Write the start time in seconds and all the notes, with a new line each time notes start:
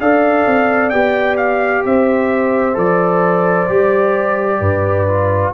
0.00 D4 A4 D5 F5
0.47 C4
0.90 B3 G4 G5
1.37 F5
1.85 C4 C5 E5
2.74 F3 A4 D5
3.69 G3 G4
4.60 G2 B4
5.08 F4